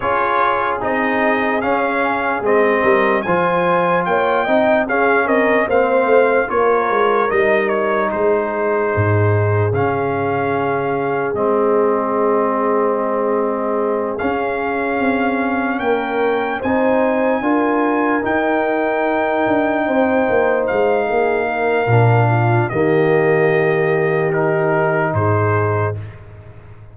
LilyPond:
<<
  \new Staff \with { instrumentName = "trumpet" } { \time 4/4 \tempo 4 = 74 cis''4 dis''4 f''4 dis''4 | gis''4 g''4 f''8 dis''8 f''4 | cis''4 dis''8 cis''8 c''2 | f''2 dis''2~ |
dis''4. f''2 g''8~ | g''8 gis''2 g''4.~ | g''4. f''2~ f''8 | dis''2 ais'4 c''4 | }
  \new Staff \with { instrumentName = "horn" } { \time 4/4 gis'2.~ gis'8 ais'8 | c''4 cis''8 dis''8 gis'8 ais'8 c''4 | ais'2 gis'2~ | gis'1~ |
gis'2.~ gis'8 ais'8~ | ais'8 c''4 ais'2~ ais'8~ | ais'8 c''4. gis'8 ais'4 f'8 | g'2. gis'4 | }
  \new Staff \with { instrumentName = "trombone" } { \time 4/4 f'4 dis'4 cis'4 c'4 | f'4. dis'8 cis'4 c'4 | f'4 dis'2. | cis'2 c'2~ |
c'4. cis'2~ cis'8~ | cis'8 dis'4 f'4 dis'4.~ | dis'2. d'4 | ais2 dis'2 | }
  \new Staff \with { instrumentName = "tuba" } { \time 4/4 cis'4 c'4 cis'4 gis8 g8 | f4 ais8 c'8 cis'8 c'8 ais8 a8 | ais8 gis8 g4 gis4 gis,4 | cis2 gis2~ |
gis4. cis'4 c'4 ais8~ | ais8 c'4 d'4 dis'4. | d'8 c'8 ais8 gis8 ais4 ais,4 | dis2. gis,4 | }
>>